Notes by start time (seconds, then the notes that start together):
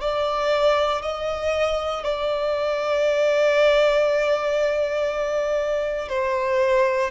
0.00 D5
1.02 D#5
2.03 D5
6.08 C5